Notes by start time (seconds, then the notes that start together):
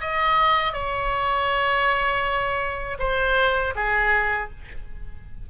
0.00 D#5
0.72 C#5
2.99 C5
3.75 G#4